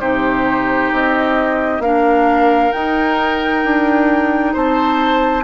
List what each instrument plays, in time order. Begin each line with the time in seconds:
0.00 bassoon C3, clarinet D#4, oboe G4, flute C5
0.92 bassoon C4, flute D#5
1.80 bassoon A#3, clarinet D4, oboe A#4, flute F5
2.72 clarinet D#4, bassoon D#4, flute G5
3.65 bassoon D4
4.53 bassoon C4, oboe C5, flute A5